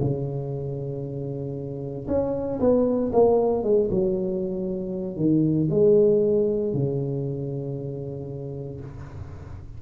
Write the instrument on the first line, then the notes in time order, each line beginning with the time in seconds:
tuba
0.00 C#3
2.07 C#4
2.60 B3
3.13 A#3
3.63 G#3
3.91 F#3
5.16 D#3
5.70 G#3
6.73 C#3